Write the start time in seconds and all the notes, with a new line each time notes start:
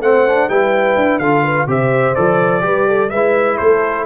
0.00 A3 C4 C5 F#5
0.27 D4
0.48 G3 E4 B4 G5
0.95 D4
1.18 D3 F4 A4 F5
1.43 B4
1.66 C3 G4 C5 E5
2.14 F3 A4 D5
2.61 G3 G4 B4
2.87 A4
3.09 G#3 B4 E5
3.15 E4
3.57 A3 A4 C5